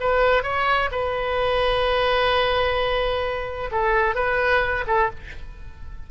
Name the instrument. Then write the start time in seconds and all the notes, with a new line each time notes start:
oboe
0.00 B4
0.43 C#5
0.91 B4
3.71 A4
4.15 B4
4.87 A4